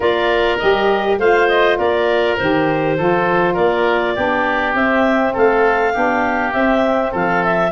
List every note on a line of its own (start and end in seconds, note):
0.00 0.59 A#3
0.00 0.58 F4
0.00 1.18 A#4
0.00 0.58 D5
0.58 1.18 G3
0.58 1.19 G4
0.58 1.17 D#5
1.18 1.77 A3
1.18 2.38 F4
1.18 1.78 C5
1.18 1.48 F5
1.48 1.77 D#5
1.78 2.38 A#3
1.78 2.97 A#4
1.78 2.36 D5
2.36 2.98 D#3
2.36 2.97 G4
2.36 3.55 C5
2.97 3.57 F3
2.97 4.16 F4
2.97 3.53 A4
3.53 4.16 A#3
3.53 4.13 A#4
3.53 4.74 D5
4.15 4.74 B3
4.15 4.75 D4
4.15 5.33 G4
4.74 5.33 C4
4.74 5.94 C4
4.74 5.34 E5
5.33 5.95 A3
5.33 5.92 A4
5.33 6.52 F5
5.93 6.53 B3
5.93 6.51 D4
5.93 7.11 G4
6.51 7.70 C4
6.51 7.13 C4
6.51 7.11 E5
7.11 7.71 F3
7.11 7.71 A4
7.11 7.44 F5
7.44 7.71 E5